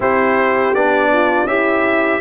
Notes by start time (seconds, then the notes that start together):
0.00 C4 E4 G4 C5
0.73 B3 D4 D5
1.12 F4
1.45 C#4 E4 G4 E5